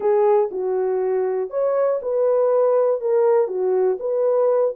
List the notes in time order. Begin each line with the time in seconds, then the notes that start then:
0.00 G#4
0.51 F#4
1.50 C#5
2.02 B4
3.00 A#4
3.47 F#4
3.99 B4